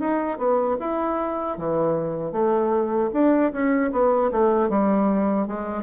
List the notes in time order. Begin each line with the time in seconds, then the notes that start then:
0.00 D#4
0.38 B3
0.80 E4
1.58 E3
2.32 A3
3.13 D4
3.52 C#4
3.92 B3
4.32 A3
4.69 G3
5.48 G#3